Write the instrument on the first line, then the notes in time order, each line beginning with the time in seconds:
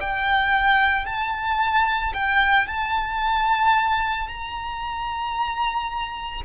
violin
0.00 G5
1.05 A5
2.13 G5
2.67 A5
4.28 A#5